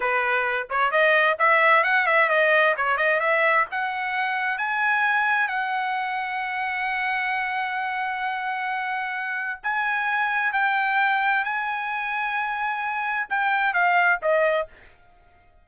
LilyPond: \new Staff \with { instrumentName = "trumpet" } { \time 4/4 \tempo 4 = 131 b'4. cis''8 dis''4 e''4 | fis''8 e''8 dis''4 cis''8 dis''8 e''4 | fis''2 gis''2 | fis''1~ |
fis''1~ | fis''4 gis''2 g''4~ | g''4 gis''2.~ | gis''4 g''4 f''4 dis''4 | }